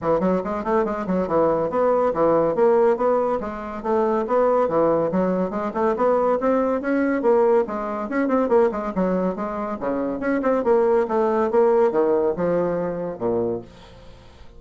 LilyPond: \new Staff \with { instrumentName = "bassoon" } { \time 4/4 \tempo 4 = 141 e8 fis8 gis8 a8 gis8 fis8 e4 | b4 e4 ais4 b4 | gis4 a4 b4 e4 | fis4 gis8 a8 b4 c'4 |
cis'4 ais4 gis4 cis'8 c'8 | ais8 gis8 fis4 gis4 cis4 | cis'8 c'8 ais4 a4 ais4 | dis4 f2 ais,4 | }